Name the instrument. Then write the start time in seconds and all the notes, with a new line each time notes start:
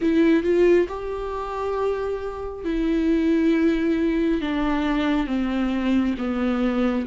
viola
0.01 E4
0.43 F4
0.88 G4
2.64 E4
4.41 D4
5.26 C4
6.18 B3